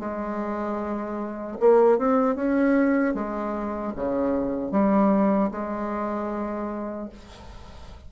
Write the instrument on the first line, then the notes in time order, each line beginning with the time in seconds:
bassoon
0.00 G#3
1.60 A#3
1.99 C4
2.36 C#4
3.15 G#3
3.97 C#3
4.72 G3
5.52 G#3